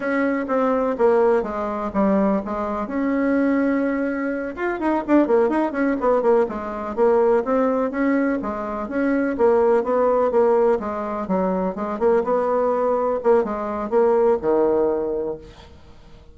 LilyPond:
\new Staff \with { instrumentName = "bassoon" } { \time 4/4 \tempo 4 = 125 cis'4 c'4 ais4 gis4 | g4 gis4 cis'2~ | cis'4. f'8 dis'8 d'8 ais8 dis'8 | cis'8 b8 ais8 gis4 ais4 c'8~ |
c'8 cis'4 gis4 cis'4 ais8~ | ais8 b4 ais4 gis4 fis8~ | fis8 gis8 ais8 b2 ais8 | gis4 ais4 dis2 | }